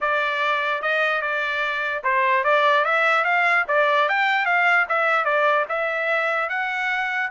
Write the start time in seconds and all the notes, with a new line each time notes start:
0.00 D5
0.82 D#5
1.21 D5
2.03 C5
2.44 D5
2.84 E5
3.24 F5
3.68 D5
4.08 G5
4.45 F5
4.88 E5
5.25 D5
5.69 E5
6.49 F#5